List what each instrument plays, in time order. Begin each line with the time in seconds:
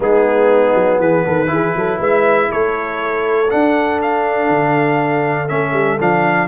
0.00 tuba G#3, trombone B3, horn D#4, trumpet G#4
0.74 tuba F#3
0.99 tuba E3, horn G#4, trumpet B4
1.25 tuba D#3, horn A4
1.47 tuba E3, trombone E4, horn G#4
1.75 tuba F#3, horn A4
1.98 tuba G#3, horn B4, trumpet E5
2.51 tuba A3, horn A4, trumpet C#5
3.50 trombone D4, tuba D4, trumpet F#5
4.02 trumpet F5
4.49 tuba D3
5.48 tuba A3, trombone C#4, trumpet E5
5.72 tuba G3
6.00 tuba F3, trombone D4, trumpet F5